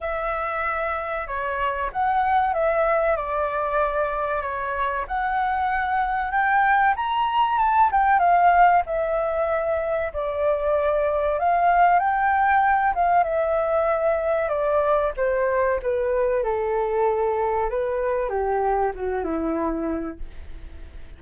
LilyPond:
\new Staff \with { instrumentName = "flute" } { \time 4/4 \tempo 4 = 95 e''2 cis''4 fis''4 | e''4 d''2 cis''4 | fis''2 g''4 ais''4 | a''8 g''8 f''4 e''2 |
d''2 f''4 g''4~ | g''8 f''8 e''2 d''4 | c''4 b'4 a'2 | b'4 g'4 fis'8 e'4. | }